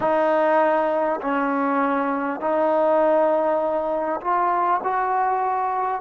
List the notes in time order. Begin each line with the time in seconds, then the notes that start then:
0.00 D#4
1.21 C#4
2.40 D#4
4.21 F4
4.83 F#4